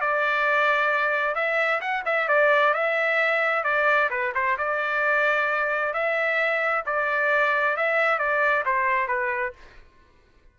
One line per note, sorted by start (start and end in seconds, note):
0.00 1.35 D5
1.35 1.80 E5
1.81 2.03 F#5
2.05 2.28 E5
2.28 2.74 D5
2.74 3.64 E5
3.64 4.09 D5
4.10 4.33 B4
4.34 4.57 C5
4.57 5.93 D5
5.93 6.84 E5
6.85 7.76 D5
7.76 8.18 E5
8.18 8.63 D5
8.65 9.07 C5
9.07 9.53 B4